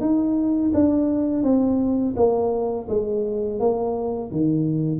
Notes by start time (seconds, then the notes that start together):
0.00 D#4
0.74 D4
1.43 C4
2.16 A#3
2.89 G#3
3.59 A#3
4.31 D#3